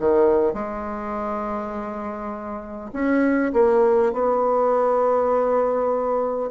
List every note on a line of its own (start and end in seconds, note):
0.00 0.54 D#3
0.54 2.92 G#3
2.93 3.53 C#4
3.54 4.13 A#3
4.13 6.51 B3